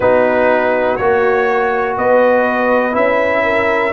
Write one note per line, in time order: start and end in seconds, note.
0.00 0.98 B3
0.00 0.99 D#4
0.00 1.94 F#4
0.00 0.96 B4
0.96 1.97 A#3
0.96 2.92 F#4
0.96 1.94 C#5
1.97 2.95 B3
1.97 3.43 B4
1.97 2.95 D#5
2.92 3.92 C#4
2.92 3.90 E4
2.92 3.92 E5
3.43 3.92 A#4